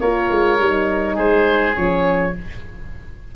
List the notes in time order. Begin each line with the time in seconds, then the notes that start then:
0.00 A#3 F4 A#4 C#5
0.30 G#3
0.59 G3 D#4
1.15 G#3 G#4 C5
1.75 F3 C#4 C#5